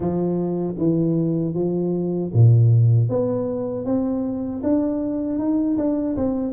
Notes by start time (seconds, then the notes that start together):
0.00 F3
0.78 E3
1.54 F3
2.33 A#2
3.09 B3
3.85 C4
4.63 D4
5.38 D#4
5.77 D4
6.16 C4